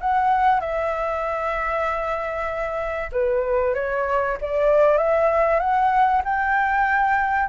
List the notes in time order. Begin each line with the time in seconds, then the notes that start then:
0.00 F#5
0.60 E5
3.12 B4
3.74 C#5
4.41 D5
4.97 E5
5.59 F#5
6.24 G5